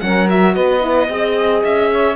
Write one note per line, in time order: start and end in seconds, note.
0.00 0.56 F#3
0.00 0.28 C#4
0.00 0.54 A#4
0.00 0.27 F#5
0.28 0.80 F#4
0.28 0.54 E5
0.54 1.09 B3
0.54 1.08 B4
0.54 1.62 D#5
0.80 1.07 E4
1.09 1.63 C4
1.09 2.15 G#4
1.09 1.91 D#5
1.64 2.15 C#4
1.64 2.15 E5
1.91 2.15 C#5